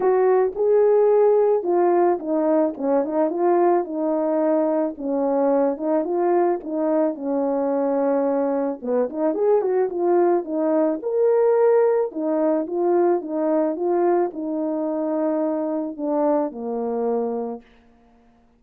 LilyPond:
\new Staff \with { instrumentName = "horn" } { \time 4/4 \tempo 4 = 109 fis'4 gis'2 f'4 | dis'4 cis'8 dis'8 f'4 dis'4~ | dis'4 cis'4. dis'8 f'4 | dis'4 cis'2. |
b8 dis'8 gis'8 fis'8 f'4 dis'4 | ais'2 dis'4 f'4 | dis'4 f'4 dis'2~ | dis'4 d'4 ais2 | }